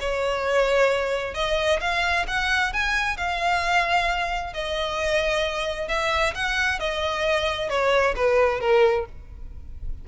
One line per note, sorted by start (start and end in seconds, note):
0.00 1.34 C#5
1.34 1.79 D#5
1.80 2.26 F5
2.27 2.73 F#5
2.73 3.17 G#5
3.17 4.53 F5
4.53 5.88 D#5
5.88 6.33 E5
6.35 6.79 F#5
6.79 7.69 D#5
7.69 8.14 C#5
8.15 8.60 B4
8.60 9.05 A#4